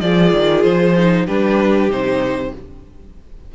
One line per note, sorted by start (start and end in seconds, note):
0.00 0.32 F3
0.00 0.95 F4
0.00 1.25 G#4
0.00 0.63 D5
0.32 0.63 D#3
0.63 1.26 F3
0.63 1.26 C5
0.97 1.27 D#4
1.25 1.89 G3
1.25 1.90 D4
1.25 2.51 G4
1.25 1.90 B4
1.89 2.52 C3
1.89 2.53 D#4
1.89 2.54 C5